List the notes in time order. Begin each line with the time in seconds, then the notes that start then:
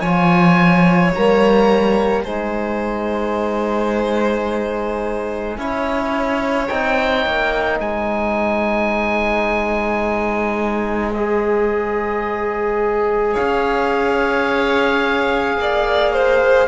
0.00 F3 F4 C#5 G#5
1.14 G3 A#3 A#5
2.23 G#3 D#4 C5 G#5
5.57 C#4 E4 C#5
6.67 C4 D#4 G5
7.25 A#3
7.79 G#3 C5 G#5
11.13 G#4 D#5
13.33 C#5 F5
13.39 C#4
15.57 A#3 D5
16.13 C5